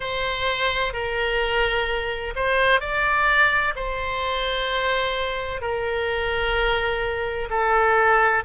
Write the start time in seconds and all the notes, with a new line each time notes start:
0.00 C5
0.93 A#4
2.35 C5
2.80 D5
3.75 C5
5.61 A#4
7.50 A4